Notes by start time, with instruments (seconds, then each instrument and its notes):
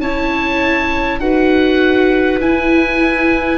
0.00 tuba C#4, viola E4, clarinet C#5, oboe A5
1.20 tuba D#4, viola F#4, clarinet B4, oboe F#5
2.41 viola E4, tuba E4, oboe G#5